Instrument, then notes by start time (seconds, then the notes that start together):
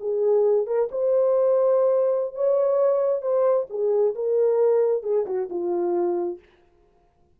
horn
0.00 G#4
0.66 A#4
0.91 C5
2.35 C#5
3.22 C5
3.70 G#4
4.15 A#4
5.03 G#4
5.26 F#4
5.50 F4